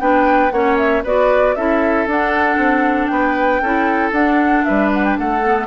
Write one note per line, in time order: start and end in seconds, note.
0.00 0.52 B3
0.00 0.52 D4
0.00 0.53 B4
0.00 0.52 G5
0.52 1.04 A#3
0.52 1.05 C#4
0.52 1.04 C#5
0.52 0.77 F#5
0.78 1.04 E5
1.04 1.56 B3
1.04 1.57 F#4
1.04 1.55 B4
1.04 1.56 D5
1.56 2.07 C#4
1.56 2.09 E4
1.56 3.12 A4
1.56 2.08 E5
2.07 2.57 D4
2.07 3.64 D4
2.07 3.08 F#5
2.57 3.09 C4
3.08 3.62 B3
3.08 3.62 B4
3.08 4.11 G5
3.62 4.12 C#4
3.62 4.13 E4
3.62 4.66 A4
4.12 4.64 D4
4.12 5.43 D4
4.12 4.65 F#5
4.65 5.18 G3
4.65 5.19 B4
4.65 4.91 E5
4.94 5.05 F#5
5.05 5.18 G5
5.18 5.67 A3
5.18 5.67 A4
5.18 5.67 F#5
5.44 5.67 B3